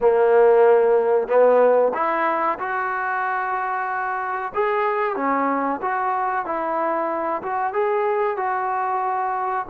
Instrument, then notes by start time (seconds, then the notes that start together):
trombone
0.00 A#3
1.27 B3
1.94 E4
2.59 F#4
4.54 G#4
5.16 C#4
5.81 F#4
6.45 E4
7.42 F#4
7.73 G#4
8.37 F#4